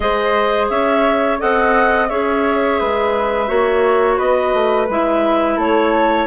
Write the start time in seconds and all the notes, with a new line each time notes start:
0.00 G#3 G#4 C5 D#5
0.69 C#4 C#5 E5
1.38 C4 A4 D#5 F#5
2.07 C#4 G#4 C#5 E5
2.79 G#3 B4
3.47 A#3 F#4 C#5
4.17 B3 B4 D#5
4.53 A3
4.88 G#3 E4 E5
5.57 A3 A4 C#5